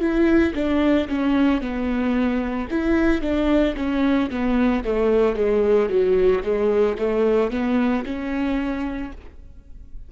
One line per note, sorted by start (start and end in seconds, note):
0.00 0.54 E4
0.55 1.08 D4
1.09 1.61 C#4
1.61 2.68 B3
2.70 3.22 E4
3.22 3.75 D4
3.76 4.30 C#4
4.30 4.84 B3
4.85 5.36 A3
5.36 5.89 G#3
5.89 6.43 F#3
6.43 6.97 G#3
6.98 7.51 A3
7.51 8.05 B3
8.05 9.12 C#4